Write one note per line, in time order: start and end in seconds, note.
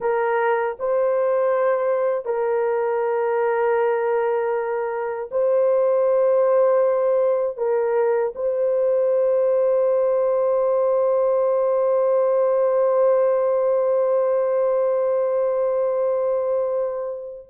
0.00 0.76 A#4
0.79 2.25 C5
2.25 5.29 A#4
5.31 7.57 C5
7.57 8.33 A#4
8.35 17.46 C5